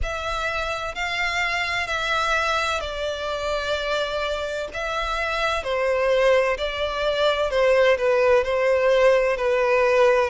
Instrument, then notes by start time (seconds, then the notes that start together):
violin
0.03 E5
0.94 F5
1.87 E5
2.80 D5
4.73 E5
5.63 C5
6.57 D5
7.50 C5
7.97 B4
8.44 C5
9.36 B4